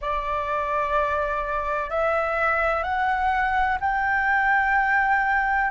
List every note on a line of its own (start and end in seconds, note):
0.01 1.90 D5
1.90 2.83 E5
2.83 3.78 F#5
3.80 5.70 G5